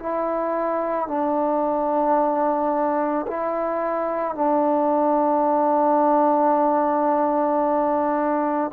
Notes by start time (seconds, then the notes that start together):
0.00 E4
1.08 D4
3.27 E4
4.35 D4